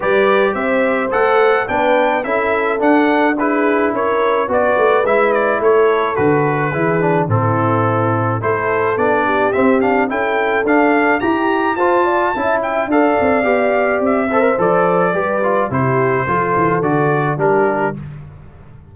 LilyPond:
<<
  \new Staff \with { instrumentName = "trumpet" } { \time 4/4 \tempo 4 = 107 d''4 e''4 fis''4 g''4 | e''4 fis''4 b'4 cis''4 | d''4 e''8 d''8 cis''4 b'4~ | b'4 a'2 c''4 |
d''4 e''8 f''8 g''4 f''4 | ais''4 a''4. g''8 f''4~ | f''4 e''4 d''2 | c''2 d''4 ais'4 | }
  \new Staff \with { instrumentName = "horn" } { \time 4/4 b'4 c''2 b'4 | a'2 gis'4 ais'4 | b'2 a'2 | gis'4 e'2 a'4~ |
a'8 g'4. a'2 | g'4 c''8 d''8 e''4 d''4~ | d''4. c''4. b'4 | g'4 a'2 g'4 | }
  \new Staff \with { instrumentName = "trombone" } { \time 4/4 g'2 a'4 d'4 | e'4 d'4 e'2 | fis'4 e'2 fis'4 | e'8 d'8 c'2 e'4 |
d'4 c'8 d'8 e'4 d'4 | g'4 f'4 e'4 a'4 | g'4. a'16 ais'16 a'4 g'8 f'8 | e'4 f'4 fis'4 d'4 | }
  \new Staff \with { instrumentName = "tuba" } { \time 4/4 g4 c'4 a4 b4 | cis'4 d'2 cis'4 | b8 a8 gis4 a4 d4 | e4 a,2 a4 |
b4 c'4 cis'4 d'4 | e'4 f'4 cis'4 d'8 c'8 | b4 c'4 f4 g4 | c4 f8 e8 d4 g4 | }
>>